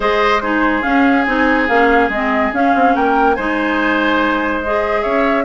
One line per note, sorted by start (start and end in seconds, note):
0.00 0.81 G#3
0.00 0.40 G#4
0.00 0.42 C5
0.00 0.41 D#5
0.41 0.82 D#4
0.41 2.94 G#4
0.41 0.82 C5
0.82 1.24 C#4
0.82 1.26 C#4
0.82 1.23 F5
1.23 1.68 C4
1.23 1.68 D#4
1.23 1.65 G#5
1.68 2.08 A#3
1.68 2.11 C#4
1.68 2.10 F5
2.08 2.50 G#3
2.08 2.53 C4
2.08 2.53 D#5
2.53 3.37 C#4
2.53 2.74 C#4
2.53 2.95 F5
2.74 2.95 C4
2.95 3.37 A#3
2.95 3.36 A#4
2.95 3.34 G5
3.34 5.04 G#3
3.34 4.63 D#4
3.34 5.02 C5
3.34 4.60 G#5
4.63 5.44 G#4
4.63 5.03 D#5
5.02 5.44 C#4
5.02 5.44 C#5
5.02 5.44 E5